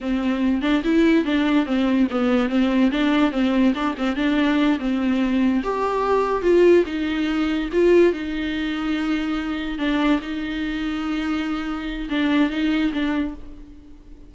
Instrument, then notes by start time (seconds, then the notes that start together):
viola
0.01 C4
0.61 D4
0.83 E4
1.24 D4
1.66 C4
2.10 B3
2.49 C4
2.91 D4
3.31 C4
3.74 D4
3.97 C4
4.16 D4
4.79 C4
5.63 G4
6.42 F4
6.85 D#4
7.72 F4
8.12 D#4
9.78 D4
10.21 D#4
12.09 D4
12.50 D#4
12.92 D4